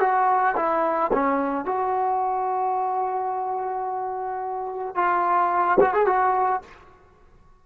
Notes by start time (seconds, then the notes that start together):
0.00 F#4
0.56 E4
1.13 C#4
1.65 F#4
4.95 F4
5.80 F#4
5.93 G#4
6.07 F#4